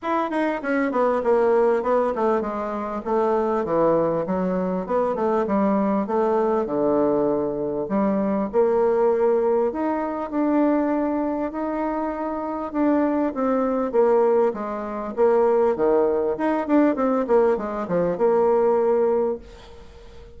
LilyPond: \new Staff \with { instrumentName = "bassoon" } { \time 4/4 \tempo 4 = 99 e'8 dis'8 cis'8 b8 ais4 b8 a8 | gis4 a4 e4 fis4 | b8 a8 g4 a4 d4~ | d4 g4 ais2 |
dis'4 d'2 dis'4~ | dis'4 d'4 c'4 ais4 | gis4 ais4 dis4 dis'8 d'8 | c'8 ais8 gis8 f8 ais2 | }